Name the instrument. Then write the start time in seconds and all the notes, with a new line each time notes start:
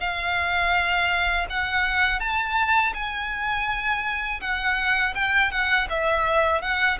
violin
0.00 F5
1.50 F#5
2.20 A5
2.94 G#5
4.41 F#5
5.15 G5
5.51 F#5
5.90 E5
6.62 F#5